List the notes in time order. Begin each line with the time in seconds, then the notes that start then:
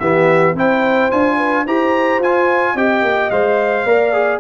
0.00 E3 B3 G4 E5
0.54 C4 E4 C5 G5
1.11 D4 F4 G#5
1.37 B4
1.66 E4 G4 C5 A#5
2.20 F4 G#5
2.74 C4 G4 D#5 G5
3.02 A#3
3.30 G#3 C5 F5
3.85 A#3 A#4 D5
4.13 G#4